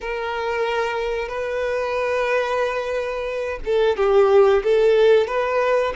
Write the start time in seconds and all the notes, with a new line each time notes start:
0.00 A#4
1.28 B4
3.65 A4
3.96 G4
4.63 A4
5.27 B4